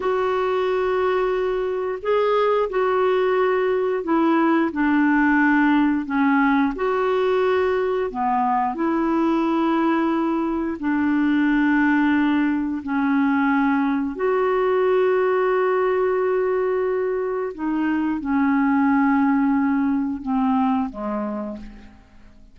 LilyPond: \new Staff \with { instrumentName = "clarinet" } { \time 4/4 \tempo 4 = 89 fis'2. gis'4 | fis'2 e'4 d'4~ | d'4 cis'4 fis'2 | b4 e'2. |
d'2. cis'4~ | cis'4 fis'2.~ | fis'2 dis'4 cis'4~ | cis'2 c'4 gis4 | }